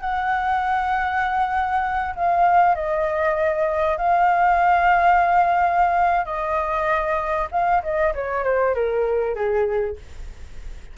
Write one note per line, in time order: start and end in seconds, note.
0.00 2.14 F#5
2.15 2.75 F5
2.75 3.97 D#5
3.97 6.25 F5
6.25 7.47 D#5
7.51 7.82 F5
7.83 8.13 D#5
8.14 8.44 C#5
8.44 8.74 C5
8.74 9.35 A#4
9.35 9.96 G#4